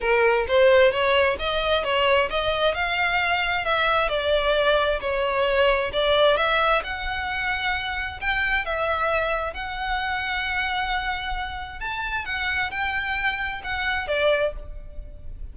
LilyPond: \new Staff \with { instrumentName = "violin" } { \time 4/4 \tempo 4 = 132 ais'4 c''4 cis''4 dis''4 | cis''4 dis''4 f''2 | e''4 d''2 cis''4~ | cis''4 d''4 e''4 fis''4~ |
fis''2 g''4 e''4~ | e''4 fis''2.~ | fis''2 a''4 fis''4 | g''2 fis''4 d''4 | }